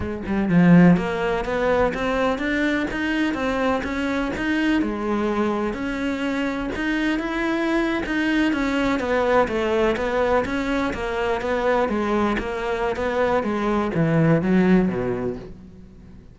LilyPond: \new Staff \with { instrumentName = "cello" } { \time 4/4 \tempo 4 = 125 gis8 g8 f4 ais4 b4 | c'4 d'4 dis'4 c'4 | cis'4 dis'4 gis2 | cis'2 dis'4 e'4~ |
e'8. dis'4 cis'4 b4 a16~ | a8. b4 cis'4 ais4 b16~ | b8. gis4 ais4~ ais16 b4 | gis4 e4 fis4 b,4 | }